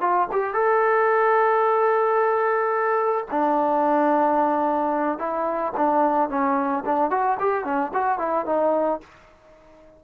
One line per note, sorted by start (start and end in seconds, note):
0.00 0.27 F4
0.32 0.53 G4
0.53 3.26 A4
3.30 5.18 D4
5.18 5.72 E4
5.77 6.29 D4
6.29 6.84 C#4
6.85 7.10 D4
7.10 7.37 F#4
7.39 7.64 G4
7.64 7.91 C#4
7.93 8.18 F#4
8.18 8.45 E4
8.45 9.00 D#4